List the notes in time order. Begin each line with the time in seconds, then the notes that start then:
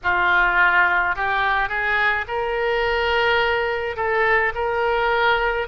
0.03 F4
1.15 G4
1.68 G#4
2.27 A#4
3.96 A4
4.54 A#4